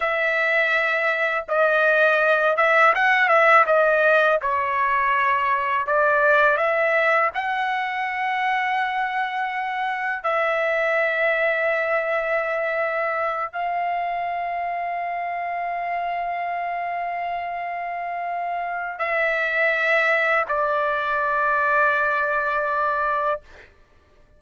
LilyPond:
\new Staff \with { instrumentName = "trumpet" } { \time 4/4 \tempo 4 = 82 e''2 dis''4. e''8 | fis''8 e''8 dis''4 cis''2 | d''4 e''4 fis''2~ | fis''2 e''2~ |
e''2~ e''8 f''4.~ | f''1~ | f''2 e''2 | d''1 | }